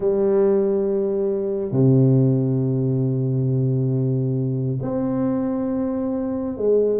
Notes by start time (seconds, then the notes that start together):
0.00 G3
1.71 C3
4.82 C4
6.57 G#3